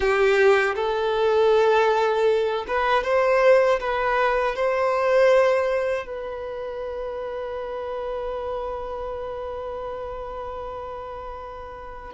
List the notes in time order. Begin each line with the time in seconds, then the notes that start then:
0.00 G4
0.75 A4
2.67 B4
3.03 C5
3.80 B4
4.55 C5
6.06 B4